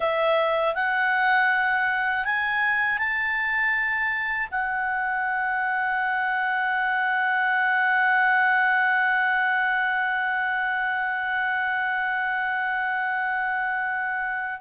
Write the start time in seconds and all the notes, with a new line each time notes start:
0.00 E5
0.75 F#5
2.25 G#5
2.98 A5
4.51 F#5